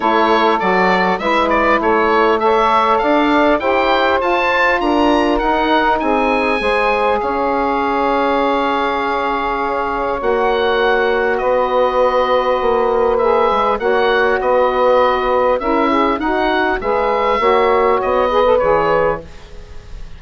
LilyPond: <<
  \new Staff \with { instrumentName = "oboe" } { \time 4/4 \tempo 4 = 100 cis''4 d''4 e''8 d''8 cis''4 | e''4 f''4 g''4 a''4 | ais''4 fis''4 gis''2 | f''1~ |
f''4 fis''2 dis''4~ | dis''2 e''4 fis''4 | dis''2 e''4 fis''4 | e''2 dis''4 cis''4 | }
  \new Staff \with { instrumentName = "saxophone" } { \time 4/4 a'2 b'4 a'4 | cis''4 d''4 c''2 | ais'2 gis'4 c''4 | cis''1~ |
cis''2. b'4~ | b'2. cis''4 | b'2 ais'8 gis'8 fis'4 | b'4 cis''4. b'4. | }
  \new Staff \with { instrumentName = "saxophone" } { \time 4/4 e'4 fis'4 e'2 | a'2 g'4 f'4~ | f'4 dis'2 gis'4~ | gis'1~ |
gis'4 fis'2.~ | fis'2 gis'4 fis'4~ | fis'2 e'4 dis'4 | gis'4 fis'4. gis'16 a'16 gis'4 | }
  \new Staff \with { instrumentName = "bassoon" } { \time 4/4 a4 fis4 gis4 a4~ | a4 d'4 e'4 f'4 | d'4 dis'4 c'4 gis4 | cis'1~ |
cis'4 ais2 b4~ | b4 ais4. gis8 ais4 | b2 cis'4 dis'4 | gis4 ais4 b4 e4 | }
>>